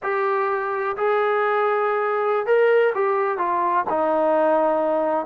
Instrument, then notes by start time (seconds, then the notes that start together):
trombone
0.02 G4
0.96 G#4
2.46 A#4
2.94 G4
3.37 F4
3.89 D#4